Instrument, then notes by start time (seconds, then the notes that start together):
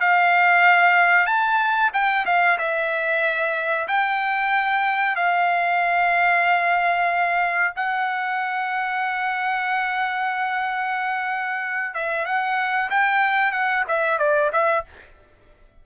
trumpet
0.00 F5
1.26 A5
1.93 G5
2.26 F5
2.58 E5
3.87 G5
5.16 F5
7.76 F#5
11.94 E5
12.25 F#5
12.90 G5
13.51 F#5
13.88 E5
14.18 D5
14.52 E5